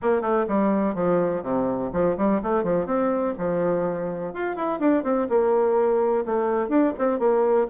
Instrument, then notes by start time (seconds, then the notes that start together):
bassoon
0.01 A#3
0.21 A3
0.47 G3
0.94 F3
1.42 C3
1.92 F3
2.17 G3
2.42 A3
2.63 F3
2.86 C4
3.38 F3
4.33 F4
4.56 E4
4.79 D4
5.03 C4
5.29 A#3
6.25 A3
6.69 D4
6.98 C4
7.19 A#3